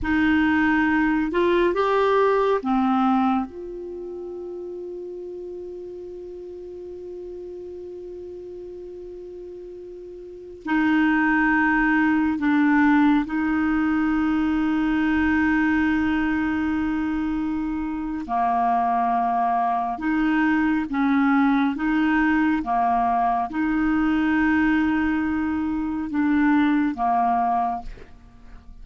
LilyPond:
\new Staff \with { instrumentName = "clarinet" } { \time 4/4 \tempo 4 = 69 dis'4. f'8 g'4 c'4 | f'1~ | f'1~ | f'16 dis'2 d'4 dis'8.~ |
dis'1~ | dis'4 ais2 dis'4 | cis'4 dis'4 ais4 dis'4~ | dis'2 d'4 ais4 | }